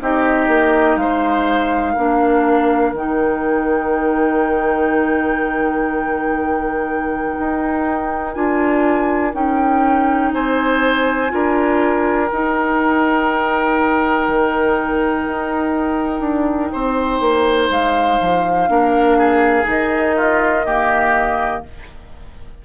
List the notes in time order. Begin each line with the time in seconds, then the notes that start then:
0.00 C4 D#4 G4 D#5
0.48 A#3
0.97 G#3 C5 F5
1.93 A#3 D4 A#4
2.93 D#3 D#4 G5
7.40 D#4
8.34 D4 F4 G#5
9.33 C#4 D#4 G5
10.34 C4 C5 G#5
11.29 D4 F4 A#4
12.28 D#4 G5
14.28 D#3
15.26 D#4
16.20 D4
16.73 C4 C5
17.20 A#3
17.70 G#3 F5
18.21 F3
18.69 A#3 D4 A#4
19.18 G#4
19.63 D#3 D#4 D#5
20.17 F4
20.66 A#3 G4